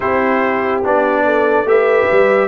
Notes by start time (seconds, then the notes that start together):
0.00 C4 E4 G4 C5
0.84 B3 D4 D5
1.25 A4
1.64 A3 G4 B4 E5
2.11 G3